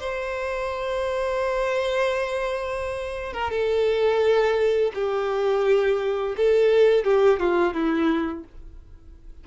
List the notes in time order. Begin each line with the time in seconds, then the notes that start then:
0.00 C5
3.34 A#4
3.51 A4
4.94 G4
6.37 A4
7.05 G4
7.40 F4
7.74 E4